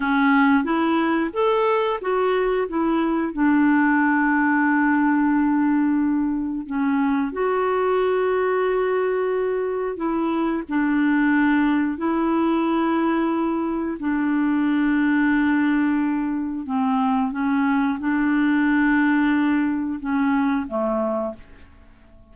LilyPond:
\new Staff \with { instrumentName = "clarinet" } { \time 4/4 \tempo 4 = 90 cis'4 e'4 a'4 fis'4 | e'4 d'2.~ | d'2 cis'4 fis'4~ | fis'2. e'4 |
d'2 e'2~ | e'4 d'2.~ | d'4 c'4 cis'4 d'4~ | d'2 cis'4 a4 | }